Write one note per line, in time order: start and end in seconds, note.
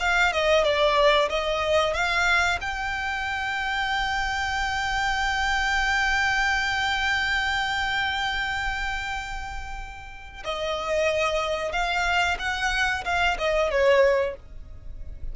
0.00 0.33 F5
0.33 0.64 D#5
0.64 1.29 D5
1.30 1.94 D#5
1.94 2.59 F5
2.61 10.44 G5
10.44 11.72 D#5
11.72 12.37 F5
12.39 13.04 F#5
13.05 13.37 F5
13.38 13.71 D#5
13.71 14.36 C#5